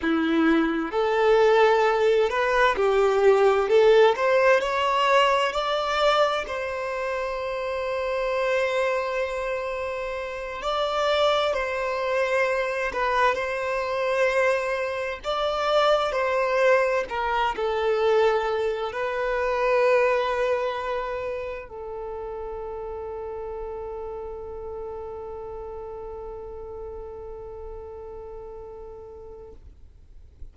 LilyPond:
\new Staff \with { instrumentName = "violin" } { \time 4/4 \tempo 4 = 65 e'4 a'4. b'8 g'4 | a'8 c''8 cis''4 d''4 c''4~ | c''2.~ c''8 d''8~ | d''8 c''4. b'8 c''4.~ |
c''8 d''4 c''4 ais'8 a'4~ | a'8 b'2. a'8~ | a'1~ | a'1 | }